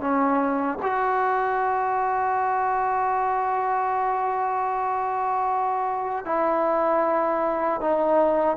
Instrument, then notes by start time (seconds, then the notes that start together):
trombone
0.00 C#4
0.82 F#4
6.24 E4
7.80 D#4